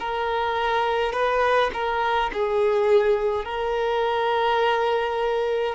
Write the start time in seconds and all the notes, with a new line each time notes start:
0.00 A#4
1.13 B4
1.74 A#4
2.33 G#4
3.45 A#4